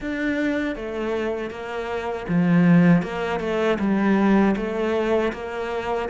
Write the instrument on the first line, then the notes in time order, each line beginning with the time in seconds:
cello
0.00 D4
0.75 A3
1.50 A#3
2.28 F3
3.02 A#3
3.40 A3
3.79 G3
4.56 A3
5.32 A#3